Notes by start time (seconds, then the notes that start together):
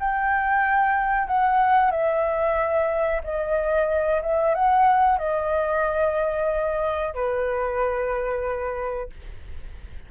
0.00 G5
1.27 F#5
1.92 E5
3.24 D#5
4.22 E5
4.55 F#5
5.19 D#5
7.14 B4